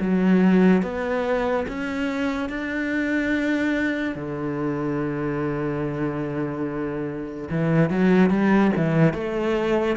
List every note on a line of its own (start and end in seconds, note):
0.00 0.82 F#3
0.82 1.66 B3
1.68 2.49 C#4
2.49 4.15 D4
4.15 7.48 D3
7.50 7.90 E3
7.90 8.30 F#3
8.30 8.72 G3
8.76 9.13 E3
9.13 9.96 A3